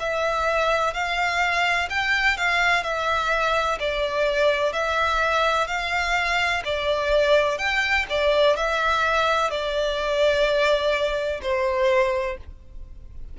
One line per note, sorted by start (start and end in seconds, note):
0.00 0.94 E5
0.94 1.89 F5
1.90 2.37 G5
2.37 2.84 F5
2.84 3.79 E5
3.80 4.73 D5
4.73 5.68 E5
5.68 6.63 F5
6.65 7.58 D5
7.58 8.06 G5
8.10 8.57 D5
8.57 9.51 E5
9.51 11.41 D5
11.42 12.38 C5